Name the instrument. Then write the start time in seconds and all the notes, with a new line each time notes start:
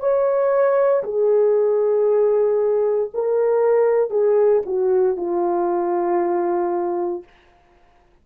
horn
0.00 C#5
1.04 G#4
3.14 A#4
4.11 G#4
4.66 F#4
5.17 F4